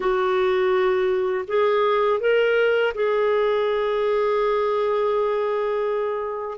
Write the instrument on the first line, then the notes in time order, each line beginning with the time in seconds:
clarinet
0.00 F#4
1.47 G#4
2.20 A#4
2.94 G#4